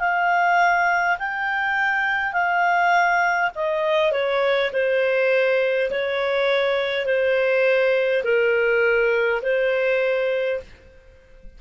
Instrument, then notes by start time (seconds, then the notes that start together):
clarinet
0.00 F5
1.19 G5
2.33 F5
3.56 D#5
4.12 C#5
4.73 C5
5.91 C#5
7.06 C5
8.24 A#4
9.43 C5